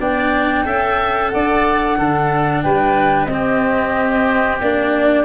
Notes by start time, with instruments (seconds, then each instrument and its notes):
0.00 tuba B3, cello D4, oboe D5, flute G5
0.65 tuba C#4, cello A4, oboe E5
1.30 tuba D4, oboe D5, flute F#5
1.96 tuba D3, cello D4, oboe A4
2.63 tuba G3, oboe B4, flute G5
3.26 tuba C4, cello C4, flute D#5
3.33 oboe G4
4.61 tuba A#3, cello D4, flute D5